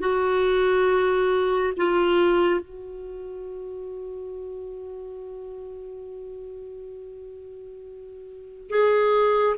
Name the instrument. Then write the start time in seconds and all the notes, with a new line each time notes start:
clarinet
0.00 F#4
1.77 F4
2.61 F#4
8.70 G#4